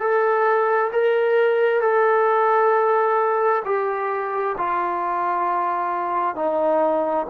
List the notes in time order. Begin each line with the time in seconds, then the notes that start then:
0.00 A4
0.92 A#4
1.81 A4
3.65 G4
4.58 F4
6.35 D#4